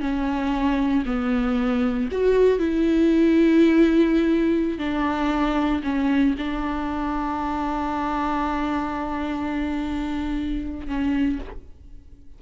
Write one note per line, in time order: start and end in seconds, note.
0.00 1.03 C#4
1.05 2.09 B3
2.11 2.59 F#4
2.59 4.78 E4
4.78 5.82 D4
5.83 6.35 C#4
6.38 10.87 D4
10.87 11.39 C#4